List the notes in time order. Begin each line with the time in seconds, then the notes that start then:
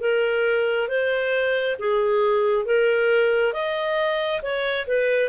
0.00 A#4
0.88 C5
1.79 G#4
2.65 A#4
3.53 D#5
4.42 C#5
4.86 B4